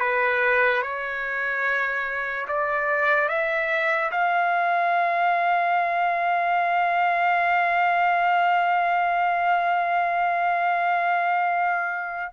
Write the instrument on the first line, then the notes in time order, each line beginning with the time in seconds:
trumpet
0.00 B4
0.82 C#5
2.48 D5
3.29 E5
4.12 F5